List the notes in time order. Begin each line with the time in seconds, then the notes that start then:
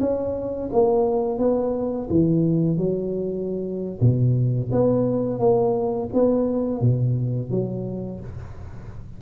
0.00 C#4
0.73 A#3
1.38 B3
2.10 E3
2.77 F#3
4.00 B2
4.72 B3
5.39 A#3
6.13 B3
6.81 B2
7.50 F#3